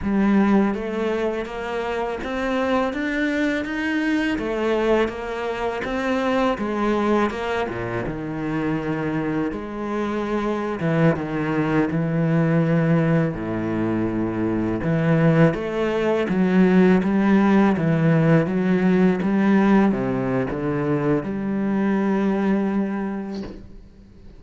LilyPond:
\new Staff \with { instrumentName = "cello" } { \time 4/4 \tempo 4 = 82 g4 a4 ais4 c'4 | d'4 dis'4 a4 ais4 | c'4 gis4 ais8 ais,8 dis4~ | dis4 gis4.~ gis16 e8 dis8.~ |
dis16 e2 a,4.~ a,16~ | a,16 e4 a4 fis4 g8.~ | g16 e4 fis4 g4 c8. | d4 g2. | }